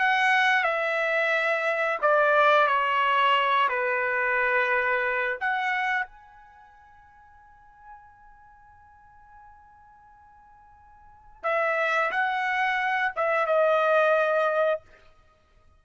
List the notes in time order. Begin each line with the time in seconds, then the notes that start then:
0.00 F#5
0.64 E5
2.02 D5
2.68 C#5
3.69 B4
5.41 F#5
6.06 G#5
11.43 E5
12.12 F#5
13.16 E5
13.46 D#5